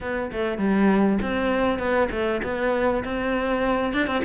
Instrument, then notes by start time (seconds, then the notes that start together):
cello
0.01 B3
0.32 A3
0.58 G3
1.21 C4
1.78 B3
2.11 A3
2.43 B3
3.04 C4
3.93 D4
4.07 C4